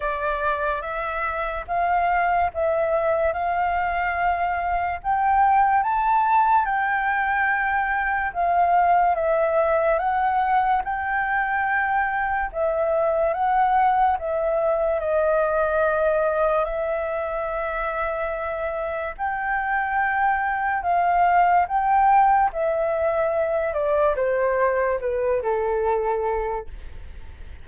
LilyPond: \new Staff \with { instrumentName = "flute" } { \time 4/4 \tempo 4 = 72 d''4 e''4 f''4 e''4 | f''2 g''4 a''4 | g''2 f''4 e''4 | fis''4 g''2 e''4 |
fis''4 e''4 dis''2 | e''2. g''4~ | g''4 f''4 g''4 e''4~ | e''8 d''8 c''4 b'8 a'4. | }